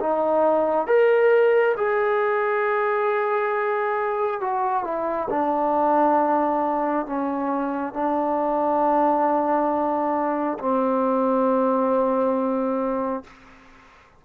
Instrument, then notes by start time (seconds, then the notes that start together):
trombone
0.00 D#4
0.87 A#4
1.77 G#4
4.41 F#4
4.84 E4
5.30 D4
7.07 C#4
7.94 D4
10.59 C4